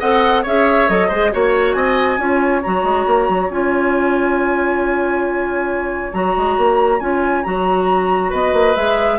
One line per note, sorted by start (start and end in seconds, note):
0.00 0.45 C4
0.00 0.45 A4
0.00 0.43 D#5
0.00 0.44 F#5
0.43 0.89 C#4
0.43 0.89 G#4
0.43 1.08 C#5
0.43 0.89 E5
0.89 1.11 F#3
0.89 1.10 A4
0.89 1.33 D#5
1.08 1.33 G#3
1.08 1.32 G#4
1.08 1.30 C5
1.32 1.75 A#3
1.32 2.19 F#4
1.32 1.73 C#5
1.32 1.76 C#5
1.73 2.18 C4
1.73 2.20 D#5
1.73 2.61 G#5
2.18 2.62 C#4
2.18 2.62 F4
2.18 8.30 C#5
2.63 2.84 F#3
2.63 3.51 F#4
2.63 3.51 A#5
2.84 3.06 G#3
3.07 3.29 A#3
3.29 3.50 F#3
3.50 6.12 C#4
3.50 6.13 F4
3.50 6.13 G#5
6.13 6.36 F#3
6.13 7.01 F#4
6.13 7.00 A#5
6.37 6.57 G#3
6.57 7.00 A#3
7.00 7.44 C#4
7.00 7.44 F4
7.00 7.44 G#5
7.44 8.32 F#3
7.44 8.76 F#4
7.44 8.31 A#5
8.30 8.53 B3
8.30 9.18 B4
8.30 8.75 D#5
8.53 8.75 A#3
8.75 9.19 G#3
8.75 9.19 G#4
8.75 9.19 E5